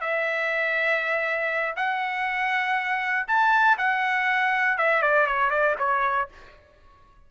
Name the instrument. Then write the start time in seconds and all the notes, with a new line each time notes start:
trumpet
0.00 E5
1.76 F#5
3.27 A5
3.77 F#5
4.77 E5
5.02 D5
5.26 C#5
5.50 D5
5.78 C#5